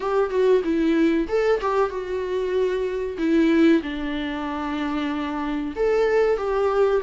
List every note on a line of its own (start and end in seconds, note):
0.00 0.30 G4
0.30 0.62 F#4
0.64 1.27 E4
1.28 1.60 A4
1.61 1.89 G4
1.89 3.17 F#4
3.17 3.82 E4
3.82 5.74 D4
5.76 6.37 A4
6.37 7.01 G4